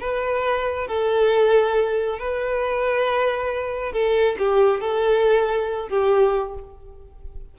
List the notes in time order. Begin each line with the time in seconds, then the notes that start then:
0.00 B4
0.88 A4
2.19 B4
3.92 A4
4.38 G4
4.81 A4
5.89 G4